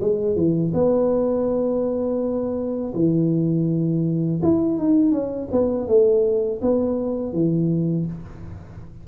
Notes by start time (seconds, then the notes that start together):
0.00 G#3
0.35 E3
0.73 B3
2.94 E3
4.42 E4
4.78 D#4
5.11 C#4
5.51 B3
5.87 A3
6.61 B3
7.32 E3